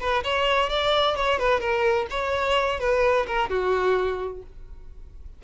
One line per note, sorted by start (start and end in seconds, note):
0.00 0.23 B4
0.23 0.69 C#5
0.69 1.16 D5
1.16 1.38 C#5
1.38 1.60 B4
1.60 2.06 A#4
2.10 2.79 C#5
2.79 3.26 B4
3.27 3.49 A#4
3.49 4.42 F#4